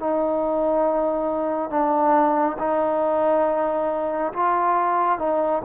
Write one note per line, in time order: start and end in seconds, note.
0.00 1.70 D#4
1.70 2.57 D4
2.59 4.33 D#4
4.34 5.19 F4
5.19 5.62 D#4